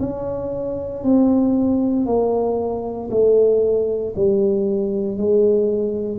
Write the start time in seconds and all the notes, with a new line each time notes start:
0.00 C#4
1.03 C4
2.06 A#3
3.10 A3
4.16 G3
5.17 G#3